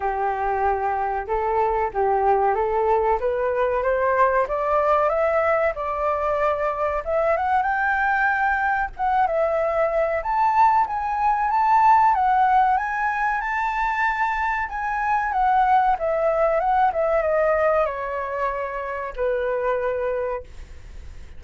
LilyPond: \new Staff \with { instrumentName = "flute" } { \time 4/4 \tempo 4 = 94 g'2 a'4 g'4 | a'4 b'4 c''4 d''4 | e''4 d''2 e''8 fis''8 | g''2 fis''8 e''4. |
a''4 gis''4 a''4 fis''4 | gis''4 a''2 gis''4 | fis''4 e''4 fis''8 e''8 dis''4 | cis''2 b'2 | }